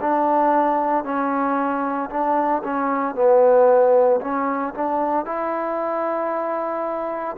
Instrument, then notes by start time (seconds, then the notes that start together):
trombone
0.00 D4
1.04 C#4
2.10 D4
2.63 C#4
3.15 B3
4.21 C#4
4.74 D4
5.25 E4